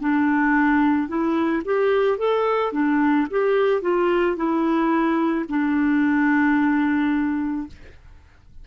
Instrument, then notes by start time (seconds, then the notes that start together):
clarinet
0.00 D4
1.08 E4
1.65 G4
2.18 A4
2.73 D4
3.31 G4
3.82 F4
4.36 E4
5.49 D4